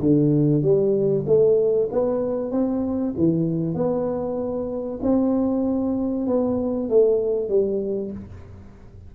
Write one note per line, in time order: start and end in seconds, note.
0.00 0.62 D3
0.62 1.24 G3
1.26 1.89 A3
1.91 2.51 B3
2.51 3.14 C4
3.17 3.74 E3
3.74 4.99 B3
5.02 6.27 C4
6.27 6.89 B3
6.89 7.49 A3
7.49 8.11 G3